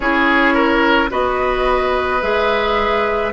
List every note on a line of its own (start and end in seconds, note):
0.00 1.09 C#4
0.00 1.09 E4
0.00 0.54 G#4
0.00 1.09 C#5
0.54 1.09 A#4
1.09 2.22 B3
1.09 2.20 F#4
1.09 3.33 B4
1.09 2.22 D#5
2.22 3.33 G#3
2.22 3.33 G#4
2.22 3.33 E5